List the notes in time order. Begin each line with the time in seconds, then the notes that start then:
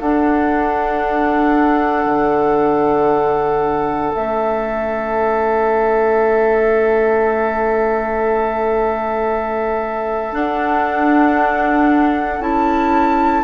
0.00 D4 A4 F#5
2.06 D3
4.14 A3 C#4 E5
10.33 D4 F#5
12.39 C#4 E4 A5